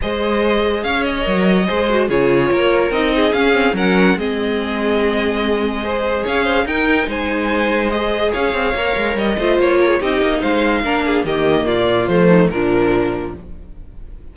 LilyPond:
<<
  \new Staff \with { instrumentName = "violin" } { \time 4/4 \tempo 4 = 144 dis''2 f''8 dis''4.~ | dis''4 cis''2 dis''4 | f''4 fis''4 dis''2~ | dis''2. f''4 |
g''4 gis''2 dis''4 | f''2 dis''4 cis''4 | dis''4 f''2 dis''4 | d''4 c''4 ais'2 | }
  \new Staff \with { instrumentName = "violin" } { \time 4/4 c''2 cis''2 | c''4 gis'4 ais'4. gis'8~ | gis'4 ais'4 gis'2~ | gis'2 c''4 cis''8 c''8 |
ais'4 c''2. | cis''2~ cis''8 c''4 ais'16 gis'16 | g'4 c''4 ais'8 gis'8 g'4 | f'4. dis'8 d'2 | }
  \new Staff \with { instrumentName = "viola" } { \time 4/4 gis'2. ais'4 | gis'8 fis'8 f'2 dis'4 | cis'8 c'8 cis'4 c'2~ | c'2 gis'2 |
dis'2. gis'4~ | gis'4 ais'4. f'4. | dis'2 d'4 ais4~ | ais4 a4 f2 | }
  \new Staff \with { instrumentName = "cello" } { \time 4/4 gis2 cis'4 fis4 | gis4 cis4 ais4 c'4 | cis'4 fis4 gis2~ | gis2. cis'4 |
dis'4 gis2. | cis'8 c'8 ais8 gis8 g8 a8 ais4 | c'8 ais8 gis4 ais4 dis4 | ais,4 f4 ais,2 | }
>>